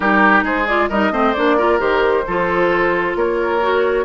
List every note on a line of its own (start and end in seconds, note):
0.00 0.43 G3
0.00 0.65 D#4
0.00 0.44 G4
0.00 0.43 A#4
0.43 0.88 G#3
0.43 0.89 G#4
0.43 0.67 C5
0.67 0.90 F4
0.67 0.89 D5
0.89 1.11 G3
0.89 1.12 D#4
0.89 1.11 A#4
0.89 1.33 D#5
1.11 1.34 A3
1.11 1.34 C4
1.11 1.57 C5
1.33 1.80 A#3
1.33 1.58 D4
1.33 1.78 D5
1.57 1.79 F4
1.57 2.24 A#4
1.79 2.25 D#3
1.79 2.24 G4
1.79 3.14 C5
2.27 3.15 F3
2.27 3.60 F4
2.27 3.17 A4
3.15 4.04 A#3
3.15 4.04 A#4
3.15 4.04 C#5
3.60 4.04 F#4